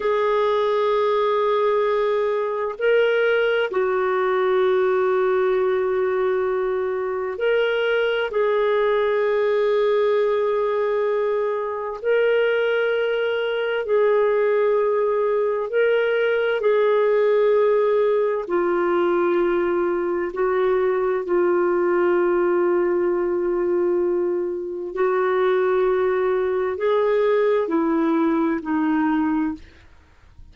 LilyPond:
\new Staff \with { instrumentName = "clarinet" } { \time 4/4 \tempo 4 = 65 gis'2. ais'4 | fis'1 | ais'4 gis'2.~ | gis'4 ais'2 gis'4~ |
gis'4 ais'4 gis'2 | f'2 fis'4 f'4~ | f'2. fis'4~ | fis'4 gis'4 e'4 dis'4 | }